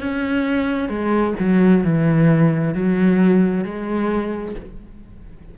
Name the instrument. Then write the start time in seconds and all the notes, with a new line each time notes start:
cello
0.00 C#4
0.89 G#3
1.40 F#3
1.84 E3
2.74 F#3
3.64 G#3